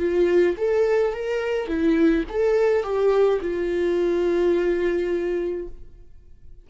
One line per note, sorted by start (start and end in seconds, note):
0.00 0.57 F4
0.58 1.14 A4
1.14 1.68 A#4
1.68 2.25 E4
2.30 2.84 A4
2.84 3.40 G4
3.42 5.68 F4